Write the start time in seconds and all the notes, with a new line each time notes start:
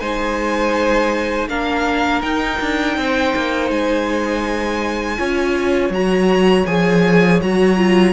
0.00 G#3 D#4 C5 G#5
1.48 A#3 D4 A#4 F5
2.22 D#4 G5
2.61 D4
2.98 C4 C5
3.36 A#3
3.70 G#3 G#5
5.18 C#4 F4 C#5
5.90 F#3 F#4 A#5
6.66 F3 G#4 G#5
7.41 F#3 F#4 A#5
7.77 F4